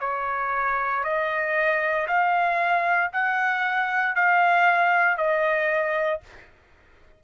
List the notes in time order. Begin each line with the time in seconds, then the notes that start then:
0.00 C#5
1.03 D#5
2.07 F5
3.13 F#5
4.15 F5
5.17 D#5